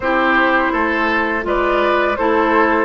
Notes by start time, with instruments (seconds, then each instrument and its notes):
0.00 bassoon C4, clarinet E4, oboe G4, flute C5
0.72 bassoon A3, oboe A4
1.42 bassoon G#3, clarinet F4, oboe B4, flute D5
2.16 bassoon A3, clarinet E4, oboe A4, flute C5